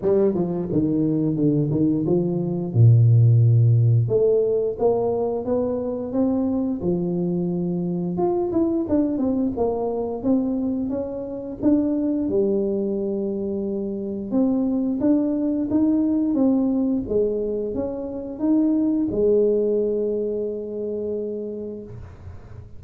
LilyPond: \new Staff \with { instrumentName = "tuba" } { \time 4/4 \tempo 4 = 88 g8 f8 dis4 d8 dis8 f4 | ais,2 a4 ais4 | b4 c'4 f2 | f'8 e'8 d'8 c'8 ais4 c'4 |
cis'4 d'4 g2~ | g4 c'4 d'4 dis'4 | c'4 gis4 cis'4 dis'4 | gis1 | }